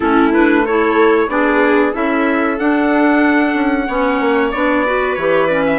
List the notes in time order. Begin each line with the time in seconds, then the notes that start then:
0.00 A3 C#4 E4 A4
0.33 D4 B4
0.64 E4 A4 C#5
1.28 B3 D4 G#4 D5
1.92 C#4 E4 A4 E5
2.58 D4 F#5
3.54 C#4
3.87 B3 C#4 C#5
4.20 A#3
4.51 B3 D4 D5
4.85 F#4 B4
5.14 E3 G4 C#5
5.47 C#4 D5
5.66 E5